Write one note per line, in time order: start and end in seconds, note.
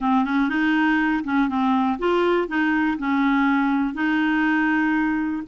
0.00 0.24 C4
0.24 0.49 C#4
0.49 1.23 D#4
1.24 1.48 C#4
1.48 1.98 C4
1.98 2.48 F4
2.48 2.97 D#4
2.98 3.94 C#4
3.94 5.43 D#4